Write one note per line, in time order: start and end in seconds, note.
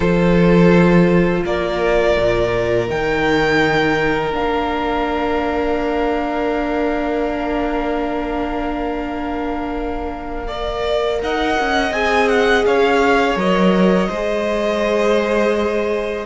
0.00 1.44 F3
0.00 2.87 F4
0.00 1.43 A4
0.00 1.44 C5
1.44 2.16 A#3
1.44 10.47 A#4
1.44 2.89 D5
2.17 2.89 A#2
2.87 4.34 D#3
2.87 4.32 D#4
2.87 4.34 G5
4.32 11.21 A#3
4.32 10.46 D4
4.32 11.20 F5
10.47 11.93 A#4
10.47 11.19 D5
11.21 11.57 D#4
11.21 12.67 D#5
11.21 11.92 F#5
11.59 11.91 C#4
11.91 12.63 C4
11.91 13.37 G#4
11.91 12.28 G#5
12.28 12.64 F#5
12.65 13.35 C#4
12.65 14.09 C#5
12.65 13.37 F5
13.35 14.08 F#3
13.35 14.09 A#4
13.35 16.25 D#5
14.09 16.25 G#3
14.09 16.25 G#4
14.09 16.25 C5